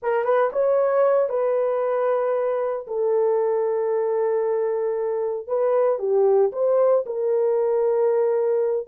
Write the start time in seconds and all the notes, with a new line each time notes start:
0.02 A#4
0.24 B4
0.52 C#5
1.29 B4
2.87 A4
5.47 B4
5.99 G4
6.52 C5
7.06 A#4